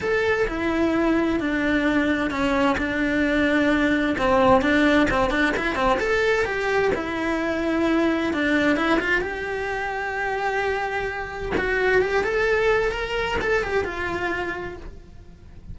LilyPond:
\new Staff \with { instrumentName = "cello" } { \time 4/4 \tempo 4 = 130 a'4 e'2 d'4~ | d'4 cis'4 d'2~ | d'4 c'4 d'4 c'8 d'8 | e'8 c'8 a'4 g'4 e'4~ |
e'2 d'4 e'8 f'8 | g'1~ | g'4 fis'4 g'8 a'4. | ais'4 a'8 g'8 f'2 | }